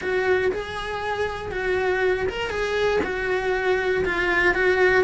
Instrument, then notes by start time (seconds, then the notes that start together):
cello
0.01 F#4
0.52 G#4
1.51 F#4
2.28 A#4
2.50 G#4
3.03 F#4
4.05 F4
4.54 F#4